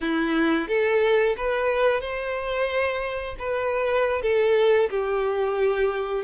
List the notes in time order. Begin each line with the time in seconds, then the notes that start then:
0.00 E4
0.68 A4
1.36 B4
2.00 C5
3.38 B4
4.22 A4
4.90 G4